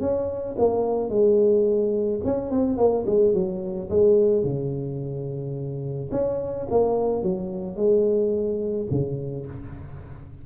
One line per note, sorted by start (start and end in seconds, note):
0.00 0.56 C#4
0.58 1.09 A#3
1.09 2.20 G#3
2.24 2.51 C#4
2.51 2.77 C4
2.77 3.05 A#3
3.06 3.33 G#3
3.33 3.89 F#3
3.89 4.43 G#3
4.43 6.10 C#3
6.11 6.67 C#4
6.70 7.22 A#3
7.22 7.76 F#3
7.76 8.87 G#3
8.90 9.46 C#3